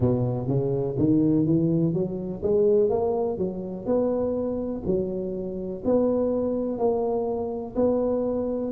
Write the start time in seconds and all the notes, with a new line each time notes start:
0.00 B2
0.47 C#3
0.98 D#3
1.46 E3
1.93 F#3
2.42 G#3
2.89 A#3
3.38 F#3
3.85 B3
4.86 F#3
5.84 B3
6.78 A#3
7.75 B3